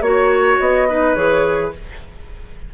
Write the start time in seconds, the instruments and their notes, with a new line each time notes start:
0.00 bassoon A#3, clarinet F#4, flute C#5, oboe C#5
0.59 bassoon B3, flute D#5
0.88 clarinet D#4, oboe B4
1.14 bassoon E3, clarinet G#4, flute C#5